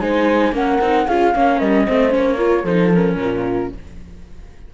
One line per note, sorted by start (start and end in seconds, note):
0.00 0.52 G#3
0.00 0.53 D#4
0.00 0.54 C5
0.00 0.53 G#5
0.52 0.78 A#3
0.52 0.79 C#4
0.52 1.07 A#4
0.52 1.08 F#5
0.81 1.07 C4
0.81 1.09 D#4
1.07 1.34 C#4
1.07 1.34 F4
1.07 1.34 G#4
1.07 1.59 F5
1.34 1.61 A#3
1.34 1.87 C#4
1.34 1.59 C#5
1.59 1.87 G3
1.59 1.85 A#4
1.59 2.12 D#5
1.87 2.15 A3
1.87 2.10 C4
1.87 2.37 C5
2.10 2.64 A#3
2.10 2.36 C#4
2.16 2.65 C#5
2.37 2.64 F4
2.37 2.63 A#4
2.63 3.16 F3
2.63 2.94 D#4
2.63 3.16 A4
2.63 2.92 C5
2.94 3.74 C#4
2.94 3.74 A#4
3.16 3.69 A#2
3.16 3.74 F4